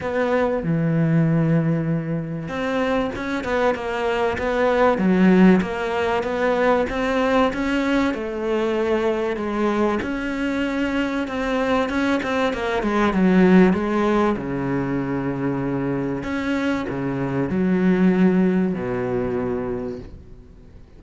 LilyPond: \new Staff \with { instrumentName = "cello" } { \time 4/4 \tempo 4 = 96 b4 e2. | c'4 cis'8 b8 ais4 b4 | fis4 ais4 b4 c'4 | cis'4 a2 gis4 |
cis'2 c'4 cis'8 c'8 | ais8 gis8 fis4 gis4 cis4~ | cis2 cis'4 cis4 | fis2 b,2 | }